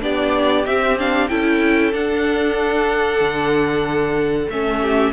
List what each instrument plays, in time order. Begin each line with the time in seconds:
0.00 cello B3, viola D4, violin G4 D5
0.66 cello C4, viola C4, violin E5
0.98 viola D4, violin F5
1.28 cello C#4, viola E4, violin A4 G5
1.92 viola D4, cello D4, violin F#5
3.20 cello D3
4.49 cello A3, viola C#4, violin E5
4.81 violin G4